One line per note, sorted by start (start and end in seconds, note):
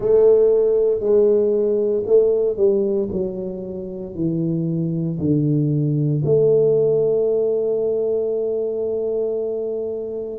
0.00 1.00 A3
1.00 2.03 G#3
2.05 2.56 A3
2.56 3.08 G3
3.11 4.14 F#3
4.14 5.18 E3
5.18 6.22 D3
6.24 10.38 A3